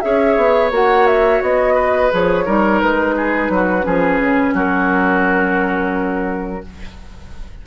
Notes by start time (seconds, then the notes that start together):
0.00 C#4 G#4 C#5 E5
0.36 B3
0.71 A#3 F#4 F#5
1.07 E5
1.42 B3 D#5
1.74 B4
2.10 F3 G#4 C#5
2.45 G3 D#4 A#4
2.81 G#3 B4
3.16 G#4
3.49 F#3 F#4
3.82 F3 C#4 G#4
4.19 C#3
4.53 F#3 F#4 A#4